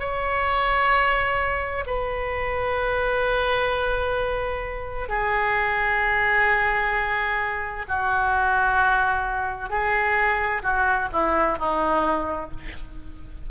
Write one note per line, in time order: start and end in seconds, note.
0.00 1.85 C#5
1.87 5.09 B4
5.09 7.86 G#4
7.88 9.70 F#4
9.70 10.62 G#4
10.63 11.09 F#4
11.13 11.59 E4
11.59 12.51 D#4